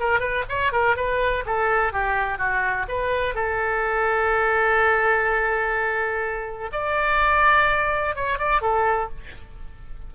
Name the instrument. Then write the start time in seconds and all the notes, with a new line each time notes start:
oboe
0.00 A#4
0.20 B4
0.49 C#5
0.73 A#4
0.96 B4
1.46 A4
1.93 G4
2.38 F#4
2.89 B4
3.35 A4
6.73 D5
8.16 C#5
8.39 D5
8.62 A4